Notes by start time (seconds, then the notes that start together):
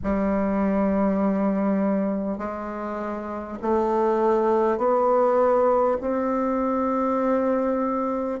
0.03 G3
2.37 G#3
3.62 A3
4.77 B3
6.00 C4